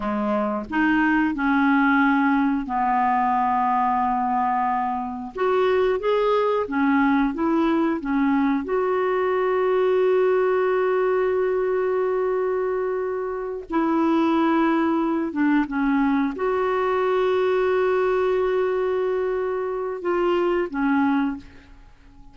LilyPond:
\new Staff \with { instrumentName = "clarinet" } { \time 4/4 \tempo 4 = 90 gis4 dis'4 cis'2 | b1 | fis'4 gis'4 cis'4 e'4 | cis'4 fis'2.~ |
fis'1~ | fis'8 e'2~ e'8 d'8 cis'8~ | cis'8 fis'2.~ fis'8~ | fis'2 f'4 cis'4 | }